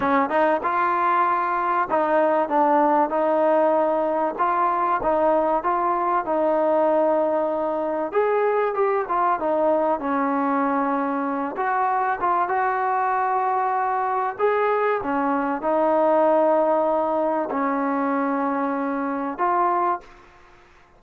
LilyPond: \new Staff \with { instrumentName = "trombone" } { \time 4/4 \tempo 4 = 96 cis'8 dis'8 f'2 dis'4 | d'4 dis'2 f'4 | dis'4 f'4 dis'2~ | dis'4 gis'4 g'8 f'8 dis'4 |
cis'2~ cis'8 fis'4 f'8 | fis'2. gis'4 | cis'4 dis'2. | cis'2. f'4 | }